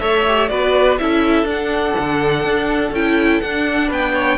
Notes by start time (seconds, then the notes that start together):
0.00 A3 A4 C#5 E5
0.28 G4
0.49 B3 F#4 B4 D5
0.99 C#4 E4 A4 E5
1.44 D4
1.50 F#5
1.99 D3
2.45 D4
2.91 C#4 E4 G5
3.41 D4 F#5
3.88 B3 B4 G5
4.15 C#5